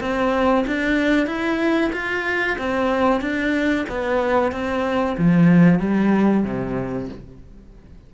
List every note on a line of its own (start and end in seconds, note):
0.00 0.65 C4
0.67 1.26 D4
1.26 1.91 E4
1.92 2.57 F4
2.58 3.21 C4
3.21 3.85 D4
3.89 4.52 B3
4.52 5.16 C4
5.18 5.79 F3
5.79 6.44 G3
6.44 7.08 C3